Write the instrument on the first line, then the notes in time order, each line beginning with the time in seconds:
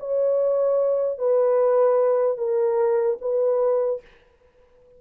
horn
0.00 C#5
1.19 B4
2.38 A#4
3.22 B4